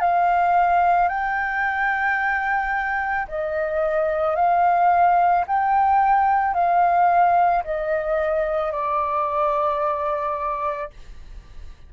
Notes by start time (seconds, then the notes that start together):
0.00 F5
1.08 G5
3.28 D#5
4.35 F5
5.47 G5
6.54 F5
7.64 D#5
8.72 D5